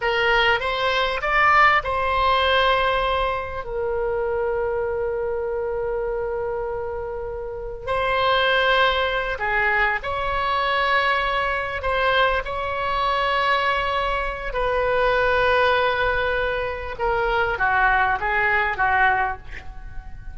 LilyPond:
\new Staff \with { instrumentName = "oboe" } { \time 4/4 \tempo 4 = 99 ais'4 c''4 d''4 c''4~ | c''2 ais'2~ | ais'1~ | ais'4 c''2~ c''8 gis'8~ |
gis'8 cis''2. c''8~ | c''8 cis''2.~ cis''8 | b'1 | ais'4 fis'4 gis'4 fis'4 | }